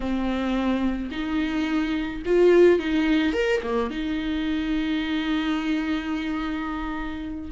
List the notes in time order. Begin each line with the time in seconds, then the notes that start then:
0.00 C4
1.11 D#4
2.25 F4
2.79 D#4
3.33 A#4
3.62 A#3
3.90 D#4